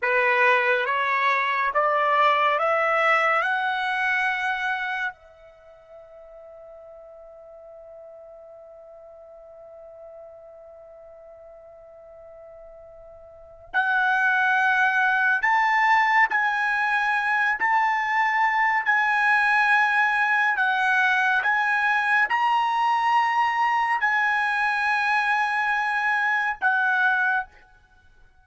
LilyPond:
\new Staff \with { instrumentName = "trumpet" } { \time 4/4 \tempo 4 = 70 b'4 cis''4 d''4 e''4 | fis''2 e''2~ | e''1~ | e''1 |
fis''2 a''4 gis''4~ | gis''8 a''4. gis''2 | fis''4 gis''4 ais''2 | gis''2. fis''4 | }